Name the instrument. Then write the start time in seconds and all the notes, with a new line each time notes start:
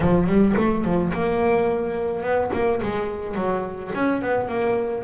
double bass
0.00 F3
0.26 G3
0.56 A3
0.84 F3
1.13 A#3
2.22 B3
2.53 A#3
2.82 G#3
3.35 F#3
3.94 C#4
4.21 B3
4.48 A#3